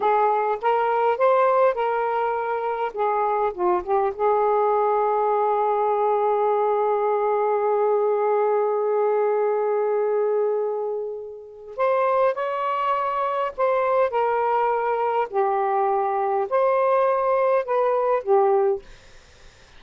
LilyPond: \new Staff \with { instrumentName = "saxophone" } { \time 4/4 \tempo 4 = 102 gis'4 ais'4 c''4 ais'4~ | ais'4 gis'4 f'8 g'8 gis'4~ | gis'1~ | gis'1~ |
gis'1 | c''4 cis''2 c''4 | ais'2 g'2 | c''2 b'4 g'4 | }